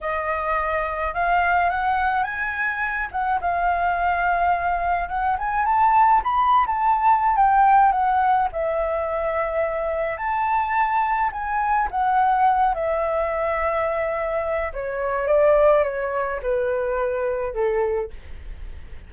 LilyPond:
\new Staff \with { instrumentName = "flute" } { \time 4/4 \tempo 4 = 106 dis''2 f''4 fis''4 | gis''4. fis''8 f''2~ | f''4 fis''8 gis''8 a''4 b''8. a''16~ | a''4 g''4 fis''4 e''4~ |
e''2 a''2 | gis''4 fis''4. e''4.~ | e''2 cis''4 d''4 | cis''4 b'2 a'4 | }